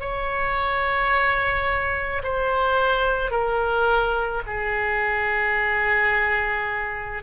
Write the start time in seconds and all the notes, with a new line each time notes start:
0.00 C#5
2.23 C5
3.31 A#4
4.46 G#4